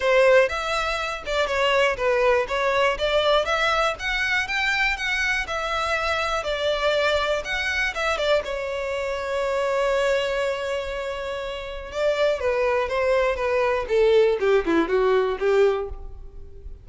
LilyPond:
\new Staff \with { instrumentName = "violin" } { \time 4/4 \tempo 4 = 121 c''4 e''4. d''8 cis''4 | b'4 cis''4 d''4 e''4 | fis''4 g''4 fis''4 e''4~ | e''4 d''2 fis''4 |
e''8 d''8 cis''2.~ | cis''1 | d''4 b'4 c''4 b'4 | a'4 g'8 e'8 fis'4 g'4 | }